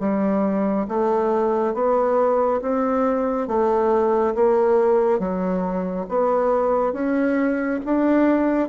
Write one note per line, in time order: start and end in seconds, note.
0.00 0.87 G3
0.89 1.74 A3
1.74 2.61 B3
2.62 3.48 C4
3.48 4.35 A3
4.35 5.19 A#3
5.19 6.06 F#3
6.09 6.93 B3
6.93 7.80 C#4
7.85 8.69 D4